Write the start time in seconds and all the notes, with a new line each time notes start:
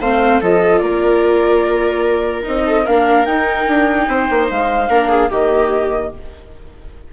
0.00 A3 C4 C5 F5
0.40 F3 F4 A4 D#5
0.78 A#3 A#4 D5
2.43 C4 D#4 D#5
2.66 A4
2.83 A#3 D4 A#4 F5
3.25 D#4 G5
3.67 D4
4.08 C4 C5
4.30 A#3
4.50 G#3 F5
4.89 A#3 D4 A#4
5.09 G#4
5.29 D#3 A#3 G4 D#5